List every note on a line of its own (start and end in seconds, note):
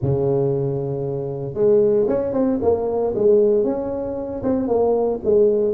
0.02 1.54 C#3
1.54 2.06 G#3
2.08 2.33 C#4
2.33 2.59 C4
2.61 3.14 A#3
3.15 3.64 G#3
3.64 4.42 C#4
4.43 4.67 C4
4.67 5.20 A#3
5.24 5.74 G#3